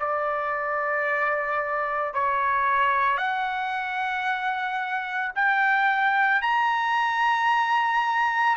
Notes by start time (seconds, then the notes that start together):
0.00 D5
2.14 C#5
3.18 F#5
5.36 G5
6.42 A#5